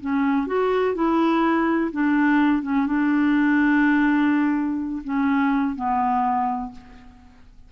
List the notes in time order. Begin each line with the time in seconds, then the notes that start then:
0.00 C#4
0.46 F#4
0.94 E4
1.91 D4
2.62 C#4
2.86 D4
5.04 C#4
5.75 B3